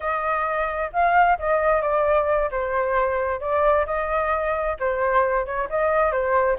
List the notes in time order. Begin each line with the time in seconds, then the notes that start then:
0.00 D#5
0.93 F5
1.38 D#5
1.81 D5
2.51 C5
3.40 D5
3.86 D#5
4.79 C5
5.45 C#5
5.69 D#5
6.11 C5